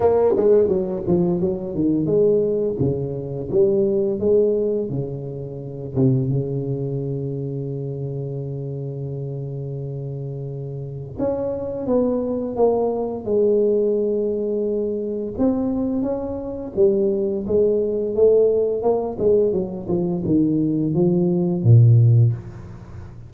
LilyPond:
\new Staff \with { instrumentName = "tuba" } { \time 4/4 \tempo 4 = 86 ais8 gis8 fis8 f8 fis8 dis8 gis4 | cis4 g4 gis4 cis4~ | cis8 c8 cis2.~ | cis1 |
cis'4 b4 ais4 gis4~ | gis2 c'4 cis'4 | g4 gis4 a4 ais8 gis8 | fis8 f8 dis4 f4 ais,4 | }